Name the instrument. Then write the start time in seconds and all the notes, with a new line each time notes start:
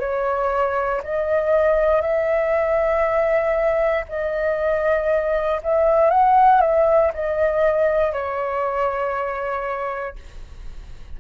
flute
0.00 C#5
1.04 D#5
2.02 E5
4.09 D#5
5.63 E5
6.10 F#5
6.61 E5
7.14 D#5
8.13 C#5